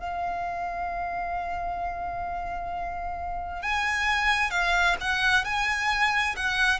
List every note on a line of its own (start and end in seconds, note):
0.00 3.63 F5
3.63 4.51 G#5
4.51 4.97 F5
5.01 5.45 F#5
5.45 6.36 G#5
6.36 6.80 F#5